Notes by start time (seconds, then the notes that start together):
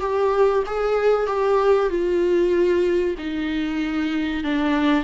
0.00 G4
0.66 G#4
1.26 G4
1.89 F4
3.18 D#4
4.44 D4